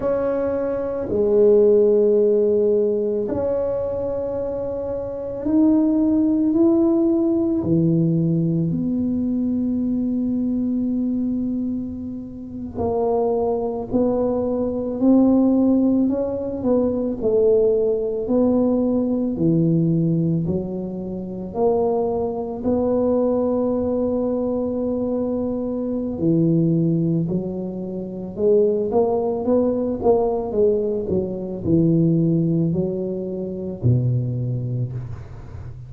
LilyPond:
\new Staff \with { instrumentName = "tuba" } { \time 4/4 \tempo 4 = 55 cis'4 gis2 cis'4~ | cis'4 dis'4 e'4 e4 | b2.~ b8. ais16~ | ais8. b4 c'4 cis'8 b8 a16~ |
a8. b4 e4 fis4 ais16~ | ais8. b2.~ b16 | e4 fis4 gis8 ais8 b8 ais8 | gis8 fis8 e4 fis4 b,4 | }